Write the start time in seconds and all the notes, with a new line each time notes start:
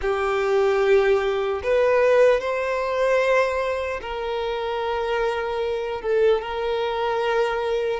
0.01 G4
1.63 B4
2.40 C5
4.01 A#4
6.01 A4
6.41 A#4